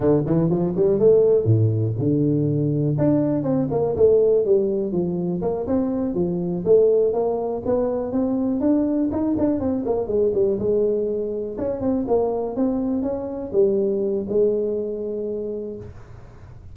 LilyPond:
\new Staff \with { instrumentName = "tuba" } { \time 4/4 \tempo 4 = 122 d8 e8 f8 g8 a4 a,4 | d2 d'4 c'8 ais8 | a4 g4 f4 ais8 c'8~ | c'8 f4 a4 ais4 b8~ |
b8 c'4 d'4 dis'8 d'8 c'8 | ais8 gis8 g8 gis2 cis'8 | c'8 ais4 c'4 cis'4 g8~ | g4 gis2. | }